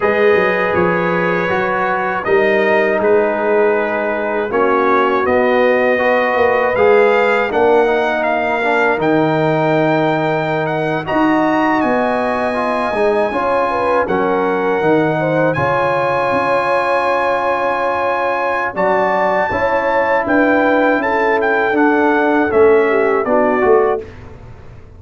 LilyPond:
<<
  \new Staff \with { instrumentName = "trumpet" } { \time 4/4 \tempo 4 = 80 dis''4 cis''2 dis''4 | b'2 cis''4 dis''4~ | dis''4 f''4 fis''4 f''4 | g''2~ g''16 fis''8 ais''4 gis''16~ |
gis''2~ gis''8. fis''4~ fis''16~ | fis''8. gis''2.~ gis''16~ | gis''4 a''2 g''4 | a''8 g''8 fis''4 e''4 d''4 | }
  \new Staff \with { instrumentName = "horn" } { \time 4/4 b'2. ais'4 | gis'2 fis'2 | b'2 ais'2~ | ais'2~ ais'8. dis''4~ dis''16~ |
dis''4.~ dis''16 cis''8 b'8 ais'4~ ais'16~ | ais'16 c''8 cis''2.~ cis''16~ | cis''4 d''4 cis''4 b'4 | a'2~ a'8 g'8 fis'4 | }
  \new Staff \with { instrumentName = "trombone" } { \time 4/4 gis'2 fis'4 dis'4~ | dis'2 cis'4 b4 | fis'4 gis'4 d'8 dis'4 d'8 | dis'2~ dis'8. fis'4~ fis'16~ |
fis'8. f'8 dis'8 f'4 cis'4 dis'16~ | dis'8. f'2.~ f'16~ | f'4 fis'4 e'2~ | e'4 d'4 cis'4 d'8 fis'8 | }
  \new Staff \with { instrumentName = "tuba" } { \time 4/4 gis8 fis8 f4 fis4 g4 | gis2 ais4 b4~ | b8 ais8 gis4 ais2 | dis2~ dis8. dis'4 b16~ |
b4~ b16 gis8 cis'4 fis4 dis16~ | dis8. cis4 cis'2~ cis'16~ | cis'4 fis4 cis'4 d'4 | cis'4 d'4 a4 b8 a8 | }
>>